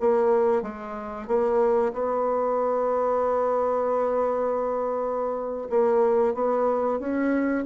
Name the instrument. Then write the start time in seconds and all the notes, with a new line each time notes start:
bassoon
0.00 A#3
0.62 G#3
1.27 A#3
1.93 B3
5.70 A#3
6.34 B3
6.99 C#4